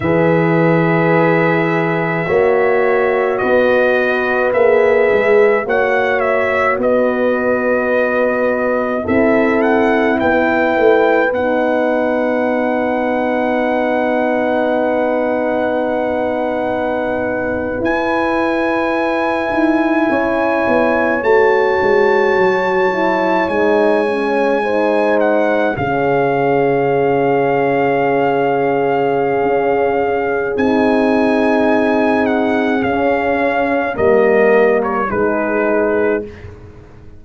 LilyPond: <<
  \new Staff \with { instrumentName = "trumpet" } { \time 4/4 \tempo 4 = 53 e''2. dis''4 | e''4 fis''8 e''8 dis''2 | e''8 fis''8 g''4 fis''2~ | fis''2.~ fis''8. gis''16~ |
gis''2~ gis''8. a''4~ a''16~ | a''8. gis''4. fis''8 f''4~ f''16~ | f''2. gis''4~ | gis''8 fis''8 f''4 dis''8. cis''16 b'4 | }
  \new Staff \with { instrumentName = "horn" } { \time 4/4 b'2 cis''4 b'4~ | b'4 cis''4 b'2 | a'4 b'2.~ | b'1~ |
b'4.~ b'16 cis''2~ cis''16~ | cis''4.~ cis''16 c''4 gis'4~ gis'16~ | gis'1~ | gis'2 ais'4 gis'4 | }
  \new Staff \with { instrumentName = "horn" } { \time 4/4 gis'2 fis'2 | gis'4 fis'2. | e'2 dis'2~ | dis'2.~ dis'8. e'16~ |
e'2~ e'8. fis'4~ fis'16~ | fis'16 e'8 dis'8 cis'8 dis'4 cis'4~ cis'16~ | cis'2. dis'4~ | dis'4 cis'4 ais4 dis'4 | }
  \new Staff \with { instrumentName = "tuba" } { \time 4/4 e2 ais4 b4 | ais8 gis8 ais4 b2 | c'4 b8 a8 b2~ | b2.~ b8. e'16~ |
e'4~ e'16 dis'8 cis'8 b8 a8 gis8 fis16~ | fis8. gis2 cis4~ cis16~ | cis2 cis'4 c'4~ | c'4 cis'4 g4 gis4 | }
>>